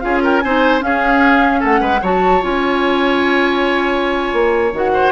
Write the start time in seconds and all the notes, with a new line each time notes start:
0.00 C#4 F4 G#4 F5
0.23 A#4 G5
0.40 C4 D#4 C5 G#5
0.80 C#4 F5
0.86 G#4
1.60 A3 A4 F#5
1.81 G#3 B4
2.02 F#3 F#4 C#5 A5
2.42 C#4 F4 G#5
4.33 A#3
4.73 D#3 F#4 F#5
4.94 C5